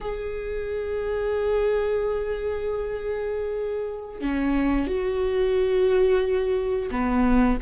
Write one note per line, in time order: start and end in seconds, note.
0.00 4.20 G#4
4.20 4.87 C#4
4.87 6.89 F#4
6.90 7.58 B3